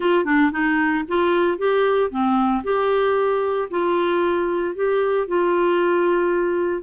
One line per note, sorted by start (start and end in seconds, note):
0.00 0.25 F4
0.25 0.51 D4
0.51 1.04 D#4
1.08 1.58 F4
1.58 2.10 G4
2.10 2.62 C4
2.63 3.68 G4
3.70 4.75 F4
4.75 5.27 G4
5.27 6.82 F4